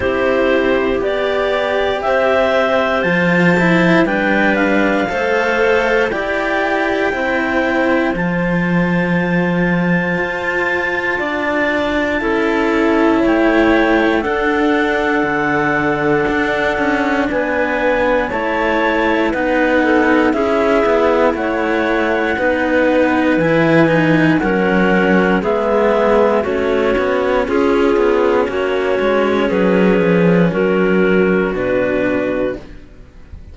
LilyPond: <<
  \new Staff \with { instrumentName = "clarinet" } { \time 4/4 \tempo 4 = 59 c''4 d''4 e''4 a''4 | g''8 f''4. g''2 | a''1~ | a''4 g''4 fis''2~ |
fis''4 gis''4 a''4 fis''4 | e''4 fis''2 gis''4 | fis''4 e''4 cis''4 gis'4 | cis''4 b'4 ais'4 b'4 | }
  \new Staff \with { instrumentName = "clarinet" } { \time 4/4 g'2 c''2 | b'4 c''4 d''4 c''4~ | c''2. d''4 | a'4 cis''4 a'2~ |
a'4 b'4 cis''4 b'8 a'8 | gis'4 cis''4 b'2 | ais'4 gis'4 fis'4 f'4 | fis'4 gis'4 fis'2 | }
  \new Staff \with { instrumentName = "cello" } { \time 4/4 e'4 g'2 f'8 e'8 | d'4 a'4 g'4 e'4 | f'1 | e'2 d'2~ |
d'2 e'4 dis'4 | e'2 dis'4 e'8 dis'8 | cis'4 b4 cis'2~ | cis'2. d'4 | }
  \new Staff \with { instrumentName = "cello" } { \time 4/4 c'4 b4 c'4 f4 | g4 a4 e'4 c'4 | f2 f'4 d'4 | cis'4 a4 d'4 d4 |
d'8 cis'8 b4 a4 b4 | cis'8 b8 a4 b4 e4 | fis4 gis4 a8 b8 cis'8 b8 | ais8 gis8 fis8 f8 fis4 b,4 | }
>>